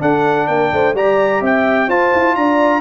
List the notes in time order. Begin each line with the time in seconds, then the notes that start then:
0.00 D4 A4 F#5
0.47 A#3 A#4 G5
0.72 A3 C5
0.94 G3 G4 D5 A#5
1.41 C4 E5 G5
1.88 F4 C5 A5
2.14 E4
2.35 D4 D5 A#5